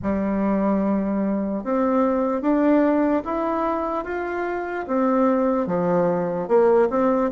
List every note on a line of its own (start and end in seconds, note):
0.02 1.64 G3
1.64 2.41 C4
2.41 3.22 D4
3.24 4.04 E4
4.04 4.85 F4
4.87 5.66 C4
5.66 6.48 F3
6.48 6.88 A#3
6.90 7.30 C4